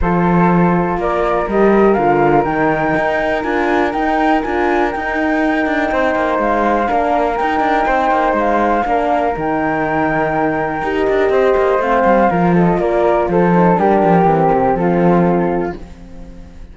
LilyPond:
<<
  \new Staff \with { instrumentName = "flute" } { \time 4/4 \tempo 4 = 122 c''2 d''4 dis''4 | f''4 g''2 gis''4 | g''4 gis''4 g''2~ | g''4 f''2 g''4~ |
g''4 f''2 g''4~ | g''2~ g''16 dis''4.~ dis''16 | f''4. dis''8 d''4 c''4 | ais'2 a'2 | }
  \new Staff \with { instrumentName = "flute" } { \time 4/4 a'2 ais'2~ | ais'1~ | ais'1 | c''2 ais'2 |
c''2 ais'2~ | ais'2. c''4~ | c''4 ais'8 a'8 ais'4 a'4 | g'2 f'2 | }
  \new Staff \with { instrumentName = "horn" } { \time 4/4 f'2. g'4 | f'4 dis'2 f'4 | dis'4 f'4 dis'2~ | dis'2 d'4 dis'4~ |
dis'2 d'4 dis'4~ | dis'2 g'2 | c'4 f'2~ f'8 dis'8 | d'4 c'2. | }
  \new Staff \with { instrumentName = "cello" } { \time 4/4 f2 ais4 g4 | d4 dis4 dis'4 d'4 | dis'4 d'4 dis'4. d'8 | c'8 ais8 gis4 ais4 dis'8 d'8 |
c'8 ais8 gis4 ais4 dis4~ | dis2 dis'8 d'8 c'8 ais8 | a8 g8 f4 ais4 f4 | g8 f8 e8 c8 f2 | }
>>